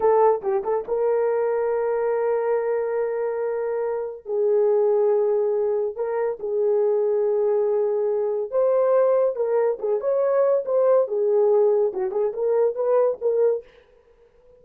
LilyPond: \new Staff \with { instrumentName = "horn" } { \time 4/4 \tempo 4 = 141 a'4 g'8 a'8 ais'2~ | ais'1~ | ais'2 gis'2~ | gis'2 ais'4 gis'4~ |
gis'1 | c''2 ais'4 gis'8 cis''8~ | cis''4 c''4 gis'2 | fis'8 gis'8 ais'4 b'4 ais'4 | }